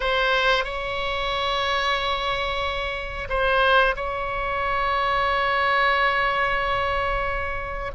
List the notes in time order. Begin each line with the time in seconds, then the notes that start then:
0.00 C5
0.64 C#5
3.29 C5
3.96 C#5